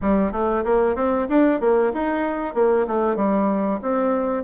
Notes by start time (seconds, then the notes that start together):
0.01 G3
0.32 A3
0.64 A#3
0.95 C4
1.29 D4
1.60 A#3
1.93 D#4
2.54 A#3
2.87 A3
3.16 G3
3.82 C4